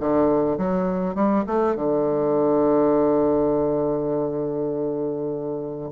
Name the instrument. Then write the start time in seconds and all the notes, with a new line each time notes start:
bassoon
0.00 D3
0.58 F#3
1.15 G3
1.47 A3
1.75 D3